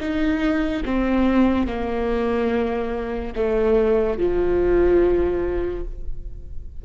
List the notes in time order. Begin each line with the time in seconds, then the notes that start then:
0.00 D#4
0.85 C4
1.67 A#3
3.36 A3
4.19 F3